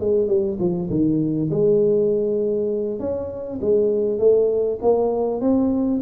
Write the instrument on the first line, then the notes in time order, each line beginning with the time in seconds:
tuba
0.00 G#3
0.28 G3
0.59 F3
0.90 D#3
1.50 G#3
2.99 C#4
3.61 G#3
4.19 A3
4.82 A#3
5.41 C4